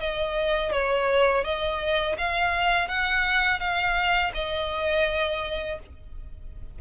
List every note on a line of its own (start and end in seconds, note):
0.00 0.72 D#5
0.72 1.44 C#5
1.44 2.16 D#5
2.18 2.88 F5
2.88 3.60 F#5
3.60 4.32 F5
4.34 5.79 D#5